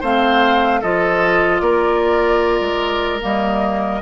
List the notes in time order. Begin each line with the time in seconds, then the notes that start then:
0.00 A3 C4 C5 F5
0.81 F3 F4 A4 D#5
1.60 A#3 A#4 D5
2.60 G#3
3.21 G3 A#3 D#5